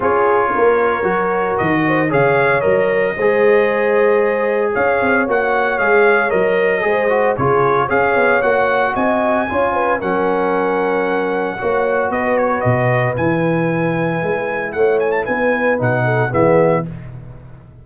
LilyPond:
<<
  \new Staff \with { instrumentName = "trumpet" } { \time 4/4 \tempo 4 = 114 cis''2. dis''4 | f''4 dis''2.~ | dis''4 f''4 fis''4 f''4 | dis''2 cis''4 f''4 |
fis''4 gis''2 fis''4~ | fis''2. dis''8 cis''8 | dis''4 gis''2. | fis''8 gis''16 a''16 gis''4 fis''4 e''4 | }
  \new Staff \with { instrumentName = "horn" } { \time 4/4 gis'4 ais'2~ ais'8 c''8 | cis''2 c''2~ | c''4 cis''2.~ | cis''4 c''4 gis'4 cis''4~ |
cis''4 dis''4 cis''8 b'8 ais'4~ | ais'2 cis''4 b'4~ | b'1 | cis''4 b'4. a'8 gis'4 | }
  \new Staff \with { instrumentName = "trombone" } { \time 4/4 f'2 fis'2 | gis'4 ais'4 gis'2~ | gis'2 fis'4 gis'4 | ais'4 gis'8 fis'8 f'4 gis'4 |
fis'2 f'4 cis'4~ | cis'2 fis'2~ | fis'4 e'2.~ | e'2 dis'4 b4 | }
  \new Staff \with { instrumentName = "tuba" } { \time 4/4 cis'4 ais4 fis4 dis4 | cis4 fis4 gis2~ | gis4 cis'8 c'8 ais4 gis4 | fis4 gis4 cis4 cis'8 b8 |
ais4 c'4 cis'4 fis4~ | fis2 ais4 b4 | b,4 e2 gis4 | a4 b4 b,4 e4 | }
>>